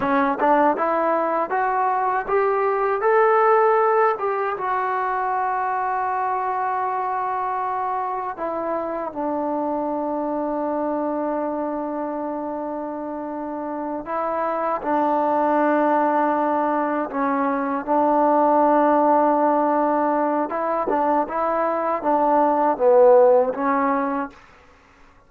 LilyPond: \new Staff \with { instrumentName = "trombone" } { \time 4/4 \tempo 4 = 79 cis'8 d'8 e'4 fis'4 g'4 | a'4. g'8 fis'2~ | fis'2. e'4 | d'1~ |
d'2~ d'8 e'4 d'8~ | d'2~ d'8 cis'4 d'8~ | d'2. e'8 d'8 | e'4 d'4 b4 cis'4 | }